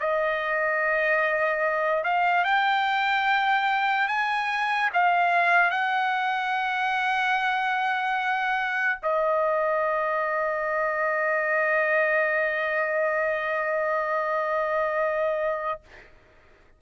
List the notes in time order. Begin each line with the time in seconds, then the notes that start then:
0.00 D#5
2.04 F5
2.44 G5
4.08 G#5
4.93 F5
5.71 F#5
9.03 D#5